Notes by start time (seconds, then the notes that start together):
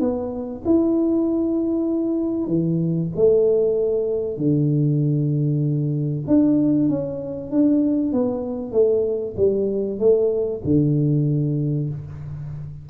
0.00 B3
0.66 E4
2.47 E3
3.16 A3
4.38 D3
6.27 D4
6.89 C#4
7.51 D4
8.13 B3
8.72 A3
9.37 G3
9.99 A3
10.64 D3